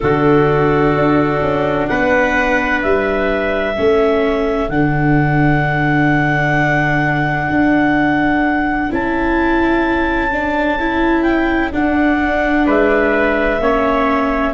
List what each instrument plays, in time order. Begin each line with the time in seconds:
0.00 tuba D3, viola D4, trumpet F#4, clarinet A4
0.95 tuba D4
1.41 tuba C#4
1.87 tuba B3, trumpet B4, clarinet F#5
2.82 tuba G3, clarinet E5
3.74 tuba A3, viola C#4, trumpet A4
4.69 tuba D3, viola D4, clarinet F#5
7.49 tuba D4
8.89 tuba C#4, viola E4, clarinet A5
10.31 viola D4
10.79 viola E4
11.22 clarinet G5
11.72 viola D4, tuba D4, clarinet F#5
12.65 tuba G#3, trumpet B4, clarinet E5
13.59 tuba A#3, viola C#4, trumpet C#5